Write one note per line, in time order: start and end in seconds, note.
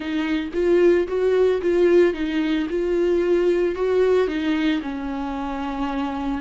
0.00 0.49 D#4
0.53 1.07 F4
1.07 1.61 F#4
1.61 2.13 F4
2.13 2.67 D#4
2.69 3.75 F4
3.75 4.27 F#4
4.27 4.81 D#4
4.82 6.41 C#4